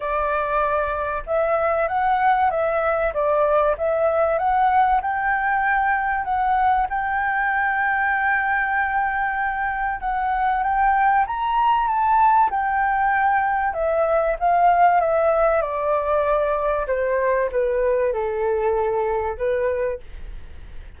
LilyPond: \new Staff \with { instrumentName = "flute" } { \time 4/4 \tempo 4 = 96 d''2 e''4 fis''4 | e''4 d''4 e''4 fis''4 | g''2 fis''4 g''4~ | g''1 |
fis''4 g''4 ais''4 a''4 | g''2 e''4 f''4 | e''4 d''2 c''4 | b'4 a'2 b'4 | }